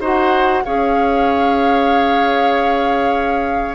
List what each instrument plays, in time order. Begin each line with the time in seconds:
0.00 bassoon D#4, clarinet F#4, oboe C5, flute F#5
0.64 bassoon C#4, clarinet G#4, oboe C#5, flute F5